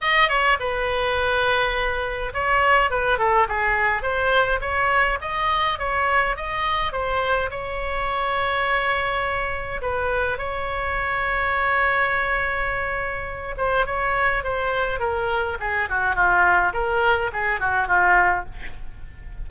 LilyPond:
\new Staff \with { instrumentName = "oboe" } { \time 4/4 \tempo 4 = 104 dis''8 cis''8 b'2. | cis''4 b'8 a'8 gis'4 c''4 | cis''4 dis''4 cis''4 dis''4 | c''4 cis''2.~ |
cis''4 b'4 cis''2~ | cis''2.~ cis''8 c''8 | cis''4 c''4 ais'4 gis'8 fis'8 | f'4 ais'4 gis'8 fis'8 f'4 | }